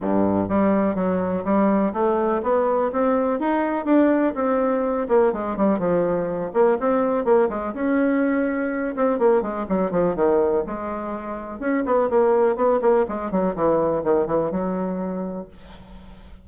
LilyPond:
\new Staff \with { instrumentName = "bassoon" } { \time 4/4 \tempo 4 = 124 g,4 g4 fis4 g4 | a4 b4 c'4 dis'4 | d'4 c'4. ais8 gis8 g8 | f4. ais8 c'4 ais8 gis8 |
cis'2~ cis'8 c'8 ais8 gis8 | fis8 f8 dis4 gis2 | cis'8 b8 ais4 b8 ais8 gis8 fis8 | e4 dis8 e8 fis2 | }